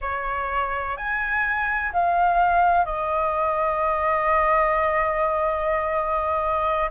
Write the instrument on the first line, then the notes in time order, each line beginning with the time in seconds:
flute
0.01 C#5
0.96 G#5
1.93 F5
2.85 D#5